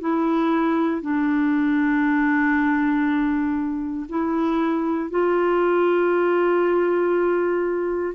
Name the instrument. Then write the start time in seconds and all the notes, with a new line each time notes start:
clarinet
0.00 E4
1.01 D4
4.09 E4
5.10 F4